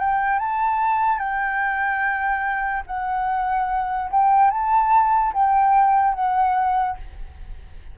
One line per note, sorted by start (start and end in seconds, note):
0.00 0.39 G5
0.39 1.18 A5
1.18 2.83 G5
2.87 4.10 F#5
4.11 4.51 G5
4.51 5.33 A5
5.33 6.14 G5
6.14 6.96 F#5